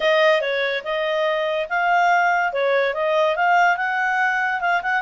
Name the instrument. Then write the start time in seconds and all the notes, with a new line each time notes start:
clarinet
0.00 D#5
0.41 C#5
0.84 D#5
1.69 F5
2.52 C#5
2.94 D#5
3.36 F5
3.76 F#5
4.60 F5
4.82 F#5